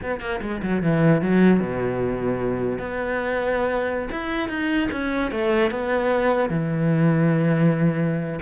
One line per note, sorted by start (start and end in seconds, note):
0.02 0.20 B3
0.20 0.40 A#3
0.41 0.61 G#3
0.62 0.82 F#3
0.82 1.21 E3
1.21 1.60 F#3
1.60 2.78 B2
2.78 4.08 B3
4.11 4.48 E4
4.48 4.88 D#4
4.91 5.31 C#4
5.31 5.71 A3
5.71 6.49 B3
6.49 8.39 E3